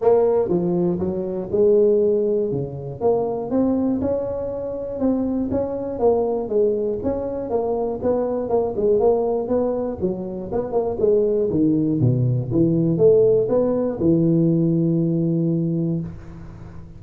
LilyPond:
\new Staff \with { instrumentName = "tuba" } { \time 4/4 \tempo 4 = 120 ais4 f4 fis4 gis4~ | gis4 cis4 ais4 c'4 | cis'2 c'4 cis'4 | ais4 gis4 cis'4 ais4 |
b4 ais8 gis8 ais4 b4 | fis4 b8 ais8 gis4 dis4 | b,4 e4 a4 b4 | e1 | }